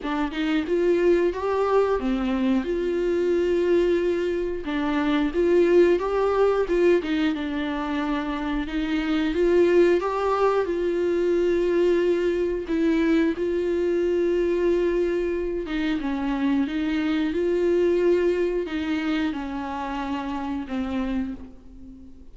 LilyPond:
\new Staff \with { instrumentName = "viola" } { \time 4/4 \tempo 4 = 90 d'8 dis'8 f'4 g'4 c'4 | f'2. d'4 | f'4 g'4 f'8 dis'8 d'4~ | d'4 dis'4 f'4 g'4 |
f'2. e'4 | f'2.~ f'8 dis'8 | cis'4 dis'4 f'2 | dis'4 cis'2 c'4 | }